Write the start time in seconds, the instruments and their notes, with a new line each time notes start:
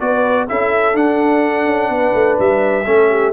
0.00 tuba B3, trombone F#4, horn B4, trumpet D5
0.49 tuba C#4, trombone E4, horn A4, trumpet E5
0.94 tuba D4, trombone D4, trumpet F#5
1.65 tuba C#4
1.89 tuba B3, horn B4
2.14 tuba A3
2.39 tuba G3, trumpet E5
2.86 tuba A3, trombone C#4, horn A4
3.10 horn G4